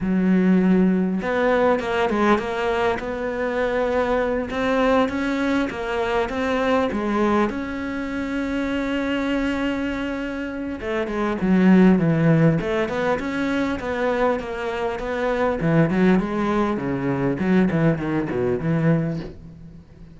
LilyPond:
\new Staff \with { instrumentName = "cello" } { \time 4/4 \tempo 4 = 100 fis2 b4 ais8 gis8 | ais4 b2~ b8 c'8~ | c'8 cis'4 ais4 c'4 gis8~ | gis8 cis'2.~ cis'8~ |
cis'2 a8 gis8 fis4 | e4 a8 b8 cis'4 b4 | ais4 b4 e8 fis8 gis4 | cis4 fis8 e8 dis8 b,8 e4 | }